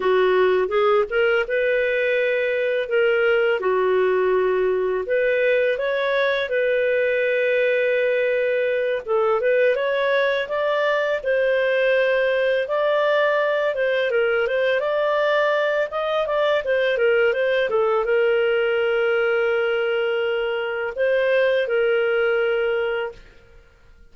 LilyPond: \new Staff \with { instrumentName = "clarinet" } { \time 4/4 \tempo 4 = 83 fis'4 gis'8 ais'8 b'2 | ais'4 fis'2 b'4 | cis''4 b'2.~ | b'8 a'8 b'8 cis''4 d''4 c''8~ |
c''4. d''4. c''8 ais'8 | c''8 d''4. dis''8 d''8 c''8 ais'8 | c''8 a'8 ais'2.~ | ais'4 c''4 ais'2 | }